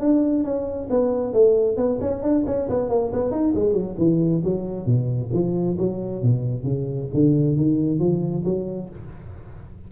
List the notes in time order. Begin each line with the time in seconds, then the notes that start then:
0.00 D4
0.44 C#4
0.90 B3
1.33 A3
1.77 B3
2.01 C#4
2.22 D4
2.46 C#4
2.69 B3
2.89 A#3
3.13 B3
3.31 D#4
3.55 G#3
3.73 F#3
3.98 E3
4.44 F#3
4.86 B2
5.33 F3
5.78 F#3
6.23 B2
6.64 C#3
7.14 D3
7.56 D#3
7.99 F3
8.45 F#3